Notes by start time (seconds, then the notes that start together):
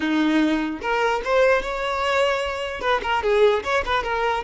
0.00 D#4
0.81 A#4
1.24 C5
1.62 C#5
2.80 B4
3.02 A#4
3.23 G#4
3.63 C#5
3.85 B4
4.03 A#4